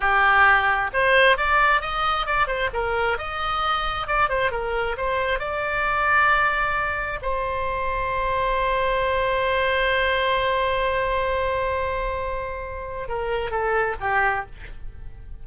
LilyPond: \new Staff \with { instrumentName = "oboe" } { \time 4/4 \tempo 4 = 133 g'2 c''4 d''4 | dis''4 d''8 c''8 ais'4 dis''4~ | dis''4 d''8 c''8 ais'4 c''4 | d''1 |
c''1~ | c''1~ | c''1~ | c''4 ais'4 a'4 g'4 | }